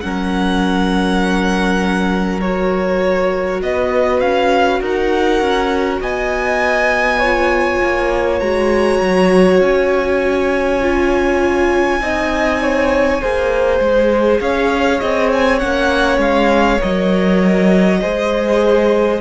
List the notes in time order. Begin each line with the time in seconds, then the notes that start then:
0.00 F#3 C#4 A#4 F#5
2.41 F#4 C#5
3.62 B3 B4 D#5
4.20 C#4 F5
4.80 D#4 A#4 F#5
5.40 C#4
6.01 B3 D#5 G#5
7.19 F4 C#5
7.83 A#3
8.39 G#3 F#4 A#5
9.01 F#3
9.61 C#4 G#5
10.81 F4
12.00 C4 D#4 D#5
12.62 C#5
13.21 A#3 G#4 C5
13.80 G#3
14.41 C#4 C#5 F5
15.00 C4 D#5
15.33 G#5
15.59 A#3 C#4 F#5
16.18 G#3 F5
16.79 F#3 A#4 D#5
18.00 G#3 G#4 C5